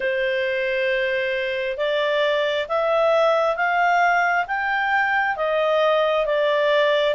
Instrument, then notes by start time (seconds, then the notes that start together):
clarinet
0.00 C5
1.77 D5
2.68 E5
3.56 F5
4.47 G5
5.36 D#5
6.26 D5